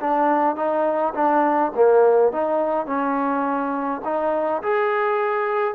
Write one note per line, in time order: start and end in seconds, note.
0.00 0.56 D4
0.56 1.13 D#4
1.14 1.72 D4
1.75 2.32 A#3
2.32 2.86 D#4
2.86 4.01 C#4
4.05 4.62 D#4
4.63 5.75 G#4